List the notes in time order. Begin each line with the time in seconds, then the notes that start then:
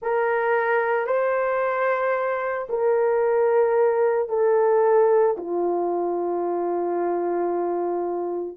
0.02 A#4
1.07 C5
2.69 A#4
4.29 A4
5.37 F4